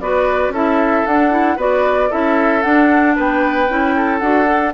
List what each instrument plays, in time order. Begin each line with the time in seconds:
0.00 bassoon B3, clarinet F#4, oboe B4, flute D5
0.49 bassoon C#4, clarinet E4, oboe A4, flute E5
1.06 bassoon D4, clarinet D4, flute F#5
1.30 clarinet E4
1.57 bassoon B3, clarinet F#4, oboe B4, flute D5
2.10 bassoon C#4, clarinet E4, oboe A4, flute E5
2.62 clarinet D4, bassoon D4, flute F#5
3.16 bassoon B3, oboe B4, flute G5
3.69 bassoon C#4, clarinet E4
3.96 oboe A4
4.19 bassoon D4, clarinet F#4, flute F#5
4.45 clarinet A4